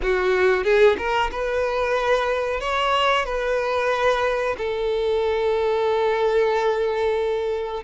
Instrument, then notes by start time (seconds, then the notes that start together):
violin
0.02 F#4
0.63 G#4
0.98 A#4
1.31 B4
2.60 C#5
3.25 B4
4.57 A4